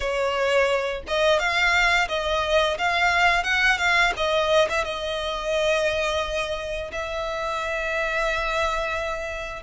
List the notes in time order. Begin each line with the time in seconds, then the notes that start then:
0.00 C#5
1.07 D#5
1.39 F5
2.08 D#5
2.78 F5
3.43 F#5
3.78 F5
4.16 D#5
4.69 E5
4.84 D#5
6.92 E5